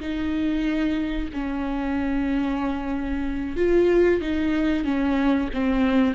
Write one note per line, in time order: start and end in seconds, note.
0.00 1.29 D#4
1.33 3.57 C#4
3.57 4.21 F4
4.21 4.84 D#4
4.84 5.49 C#4
5.54 6.14 C4